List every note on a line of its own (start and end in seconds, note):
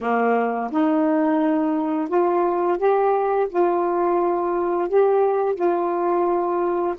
0.00 0.70 A#3
0.70 2.08 D#4
2.08 2.77 F4
2.77 3.47 G4
3.49 4.88 F4
4.88 5.55 G4
5.55 6.95 F4